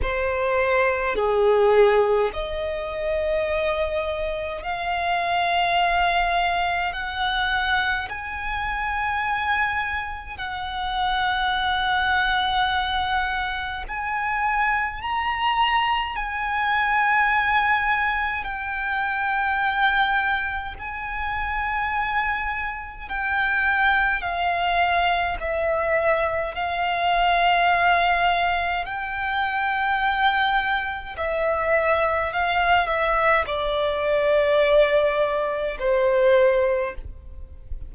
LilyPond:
\new Staff \with { instrumentName = "violin" } { \time 4/4 \tempo 4 = 52 c''4 gis'4 dis''2 | f''2 fis''4 gis''4~ | gis''4 fis''2. | gis''4 ais''4 gis''2 |
g''2 gis''2 | g''4 f''4 e''4 f''4~ | f''4 g''2 e''4 | f''8 e''8 d''2 c''4 | }